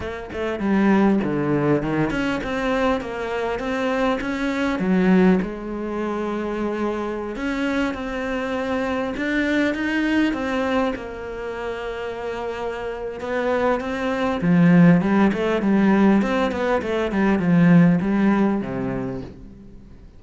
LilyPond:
\new Staff \with { instrumentName = "cello" } { \time 4/4 \tempo 4 = 100 ais8 a8 g4 d4 dis8 cis'8 | c'4 ais4 c'4 cis'4 | fis4 gis2.~ | gis16 cis'4 c'2 d'8.~ |
d'16 dis'4 c'4 ais4.~ ais16~ | ais2 b4 c'4 | f4 g8 a8 g4 c'8 b8 | a8 g8 f4 g4 c4 | }